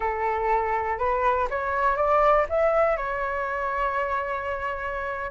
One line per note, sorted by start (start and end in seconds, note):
0.00 0.98 A4
0.98 1.47 B4
1.50 1.96 C#5
1.96 2.46 D5
2.49 2.96 E5
2.96 5.31 C#5